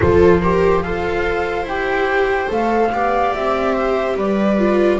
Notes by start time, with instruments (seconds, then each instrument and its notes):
0.00 double bass F3, viola F4 A4, flute C5
0.39 viola G4 A#4
0.82 double bass F4, viola A4 C5, flute F5
1.63 double bass E4, flute G5
1.69 viola G4
2.48 double bass A3, viola A4, flute F5
2.91 double bass B3, viola G4 D5
3.34 double bass C4, flute E5
3.73 viola C5
4.15 double bass G3, viola B4, flute D5
4.58 viola F4